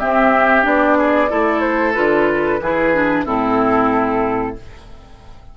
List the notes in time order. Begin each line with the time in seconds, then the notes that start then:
0.00 C4 G4 E5
0.63 B3 D4 D5
0.98 G#4
1.30 A3 E4 A4
1.61 C5
1.94 D3 F4 B4
2.61 E3 E4 G#4
2.94 D4
3.26 A2 C4 E4 A4